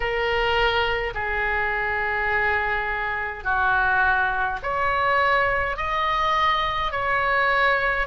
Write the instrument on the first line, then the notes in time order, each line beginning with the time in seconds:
oboe
0.00 A#4
1.14 G#4
3.44 F#4
4.63 C#5
5.76 D#5
6.91 C#5